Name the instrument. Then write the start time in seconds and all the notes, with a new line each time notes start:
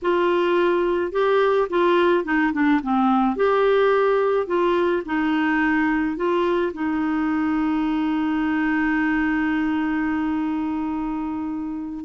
clarinet
0.02 F4
1.12 G4
1.69 F4
2.24 D#4
2.52 D4
2.82 C4
3.36 G4
4.46 F4
5.05 D#4
6.16 F4
6.73 D#4